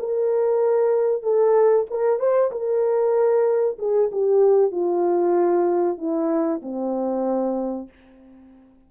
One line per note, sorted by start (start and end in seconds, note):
0.00 1.23 A#4
1.23 1.86 A4
1.91 2.20 A#4
2.20 2.51 C5
2.52 3.78 A#4
3.79 4.11 G#4
4.12 4.72 G4
4.72 5.98 F4
5.98 6.61 E4
6.63 7.89 C4